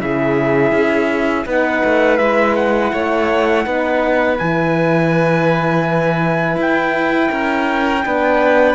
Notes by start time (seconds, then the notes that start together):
0.00 C#3 E4 G#4 E5
0.72 C#4
1.45 B3 D#4 B4 F#5
1.84 A3
2.18 G#3 E4 E5
2.56 F#5
2.93 A3 C#5
3.64 B3 D#4 B4
4.38 E3 E4 G#5
6.57 E4 G5
7.32 C#4 A#4
8.05 B3 D4 B4